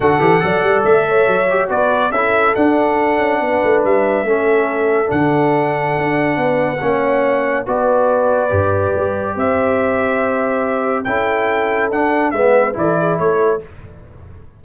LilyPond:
<<
  \new Staff \with { instrumentName = "trumpet" } { \time 4/4 \tempo 4 = 141 fis''2 e''2 | d''4 e''4 fis''2~ | fis''4 e''2. | fis''1~ |
fis''2 d''2~ | d''2 e''2~ | e''2 g''2 | fis''4 e''4 d''4 cis''4 | }
  \new Staff \with { instrumentName = "horn" } { \time 4/4 a'4 d''4. cis''4. | b'4 a'2. | b'2 a'2~ | a'2. b'4 |
cis''2 b'2~ | b'2 c''2~ | c''2 a'2~ | a'4 b'4 a'8 gis'8 a'4 | }
  \new Staff \with { instrumentName = "trombone" } { \time 4/4 fis'8 g'8 a'2~ a'8 g'8 | fis'4 e'4 d'2~ | d'2 cis'2 | d'1 |
cis'2 fis'2 | g'1~ | g'2 e'2 | d'4 b4 e'2 | }
  \new Staff \with { instrumentName = "tuba" } { \time 4/4 d8 e8 fis8 g8 a4 fis4 | b4 cis'4 d'4. cis'8 | b8 a8 g4 a2 | d2 d'4 b4 |
ais2 b2 | g,4 g4 c'2~ | c'2 cis'2 | d'4 gis4 e4 a4 | }
>>